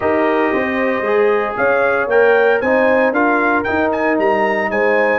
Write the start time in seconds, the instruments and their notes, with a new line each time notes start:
0.00 tuba D#4, trombone G4, horn A#4, trumpet D#5
0.52 tuba C4, horn C5
1.01 tuba G#3, trombone G#4
1.56 tuba C#4, horn C#5, trumpet F5
2.06 tuba A#3, trombone A#4, trumpet G5
2.60 tuba C4, trombone D#4, horn C5, trumpet G#5
3.11 tuba D4, trombone F4, horn A#4, trumpet F5
3.63 trombone D#4, tuba D#4, trumpet G5
3.91 trumpet G#5
4.18 tuba G3, trumpet A#5
4.70 tuba G#3, horn C5, trumpet G#5